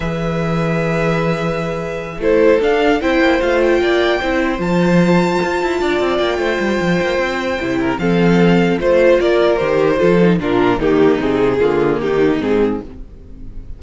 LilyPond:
<<
  \new Staff \with { instrumentName = "violin" } { \time 4/4 \tempo 4 = 150 e''1~ | e''4. c''4 f''4 g''8~ | g''8 f''8 g''2~ g''8 a''8~ | a''2.~ a''8 g''8~ |
g''1 | f''2 c''4 d''4 | c''2 ais'4 g'4 | gis'2 g'4 gis'4 | }
  \new Staff \with { instrumentName = "violin" } { \time 4/4 b'1~ | b'4. a'2 c''8~ | c''4. d''4 c''4.~ | c''2~ c''8 d''4. |
c''2.~ c''8 ais'8 | a'2 c''4 ais'4~ | ais'4 a'4 f'4 dis'4~ | dis'4 f'4 dis'2 | }
  \new Staff \with { instrumentName = "viola" } { \time 4/4 gis'1~ | gis'4. e'4 d'4 e'8~ | e'8 f'2 e'4 f'8~ | f'1~ |
f'2. e'4 | c'2 f'2 | g'4 f'8 dis'8 d'4 ais4 | c'4 ais2 c'4 | }
  \new Staff \with { instrumentName = "cello" } { \time 4/4 e1~ | e4. a4 d'4 c'8 | ais8 a4 ais4 c'4 f8~ | f4. f'8 e'8 d'8 c'8 ais8 |
a8 g8 f8 ais8 c'4 c4 | f2 a4 ais4 | dis4 f4 ais,4 dis4 | c4 d4 dis4 gis,4 | }
>>